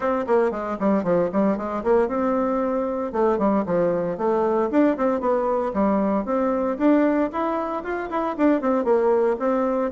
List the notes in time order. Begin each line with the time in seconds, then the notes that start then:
0.00 C4
0.27 A#3
0.51 G#3
0.79 G3
1.03 F3
1.32 G3
1.57 G#3
1.83 A#3
2.08 C4
3.12 A3
3.38 G3
3.65 F3
4.17 A3
4.71 D4
4.97 C4
5.20 B3
5.73 G3
6.25 C4
6.78 D4
7.32 E4
7.83 F4
8.10 E4
8.37 D4
8.61 C4
8.84 A#3
9.39 C4